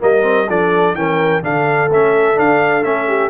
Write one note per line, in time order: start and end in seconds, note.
0.00 0.49 G3
0.00 0.22 A#3
0.00 0.49 A#4
0.00 0.50 D#5
0.22 0.46 C4
0.49 0.94 F3
0.49 0.96 D4
0.49 0.96 A4
0.49 0.95 D5
0.94 1.42 E3
0.94 1.42 C#4
0.94 1.43 A#4
0.94 1.43 G5
1.42 1.88 D3
1.42 1.90 D4
1.42 3.08 A4
1.42 1.91 F5
1.88 2.36 A3
1.88 2.34 C#4
1.88 2.39 E5
2.34 2.82 D4
2.34 2.85 D4
2.34 2.83 F5
2.83 3.30 A3
2.83 3.30 C#4
2.83 3.30 E5
3.08 3.30 G4